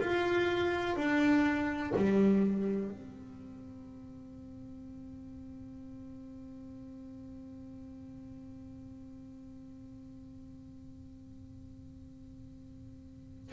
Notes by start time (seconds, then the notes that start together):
0.00 F4
0.96 D4
1.96 G3
2.90 C4